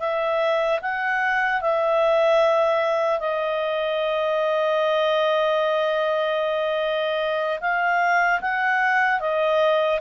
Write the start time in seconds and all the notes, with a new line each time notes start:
0.00 E5
0.82 F#5
1.62 E5
3.20 D#5
7.61 F5
8.41 F#5
9.20 D#5